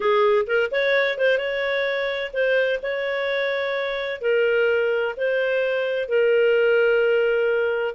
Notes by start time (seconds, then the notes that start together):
0.00 G#4
0.47 A#4
0.71 C#5
1.18 C5
1.38 C#5
2.33 C5
2.82 C#5
4.21 A#4
5.16 C5
6.08 A#4